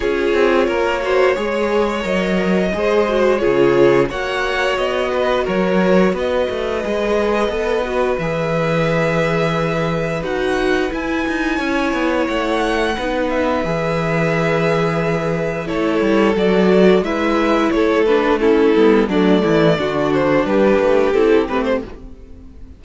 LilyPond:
<<
  \new Staff \with { instrumentName = "violin" } { \time 4/4 \tempo 4 = 88 cis''2. dis''4~ | dis''4 cis''4 fis''4 dis''4 | cis''4 dis''2. | e''2. fis''4 |
gis''2 fis''4. e''8~ | e''2. cis''4 | d''4 e''4 cis''8 b'8 a'4 | d''4. c''8 b'4 a'8 b'16 c''16 | }
  \new Staff \with { instrumentName = "violin" } { \time 4/4 gis'4 ais'8 c''8 cis''2 | c''4 gis'4 cis''4. b'8 | ais'4 b'2.~ | b'1~ |
b'4 cis''2 b'4~ | b'2. a'4~ | a'4 b'4 a'4 e'4 | d'8 e'8 fis'4 g'2 | }
  \new Staff \with { instrumentName = "viola" } { \time 4/4 f'4. fis'8 gis'4 ais'4 | gis'8 fis'8 f'4 fis'2~ | fis'2 gis'4 a'8 fis'8 | gis'2. fis'4 |
e'2. dis'4 | gis'2. e'4 | fis'4 e'4. d'8 cis'8 b8 | a4 d'2 e'8 c'8 | }
  \new Staff \with { instrumentName = "cello" } { \time 4/4 cis'8 c'8 ais4 gis4 fis4 | gis4 cis4 ais4 b4 | fis4 b8 a8 gis4 b4 | e2. dis'4 |
e'8 dis'8 cis'8 b8 a4 b4 | e2. a8 g8 | fis4 gis4 a4. g8 | fis8 e8 d4 g8 a8 c'8 a8 | }
>>